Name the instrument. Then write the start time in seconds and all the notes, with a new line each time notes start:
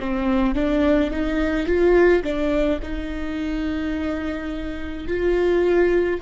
viola
0.00 C4
0.55 D4
1.11 D#4
1.66 F4
2.23 D4
2.83 D#4
5.07 F4